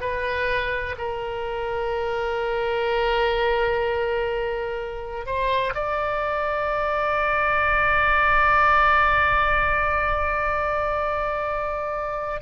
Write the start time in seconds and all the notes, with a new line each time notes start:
0.00 B4
0.98 A#4
5.26 C5
5.74 D5